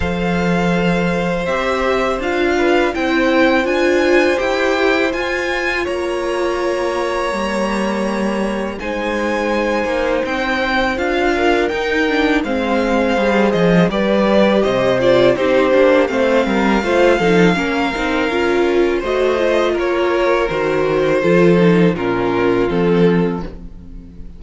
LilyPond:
<<
  \new Staff \with { instrumentName = "violin" } { \time 4/4 \tempo 4 = 82 f''2 e''4 f''4 | g''4 gis''4 g''4 gis''4 | ais''1 | gis''2 g''4 f''4 |
g''4 f''4. dis''8 d''4 | dis''8 d''8 c''4 f''2~ | f''2 dis''4 cis''4 | c''2 ais'4 a'4 | }
  \new Staff \with { instrumentName = "violin" } { \time 4/4 c''2.~ c''8 b'8 | c''1 | cis''1 | c''2.~ c''8 ais'8~ |
ais'4 c''2 b'4 | c''4 g'4 c''8 ais'8 c''8 a'8 | ais'2 c''4 ais'4~ | ais'4 a'4 f'2 | }
  \new Staff \with { instrumentName = "viola" } { \time 4/4 a'2 g'4 f'4 | e'4 f'4 g'4 f'4~ | f'2 ais2 | dis'2. f'4 |
dis'8 d'8 c'4 gis'4 g'4~ | g'8 f'8 dis'8 d'8 c'4 f'8 dis'8 | cis'8 dis'8 f'4 fis'8 f'4. | fis'4 f'8 dis'8 cis'4 c'4 | }
  \new Staff \with { instrumentName = "cello" } { \time 4/4 f2 c'4 d'4 | c'4 d'4 e'4 f'4 | ais2 g2 | gis4. ais8 c'4 d'4 |
dis'4 gis4 g8 f8 g4 | c4 c'8 ais8 a8 g8 a8 f8 | ais8 c'8 cis'4 a4 ais4 | dis4 f4 ais,4 f4 | }
>>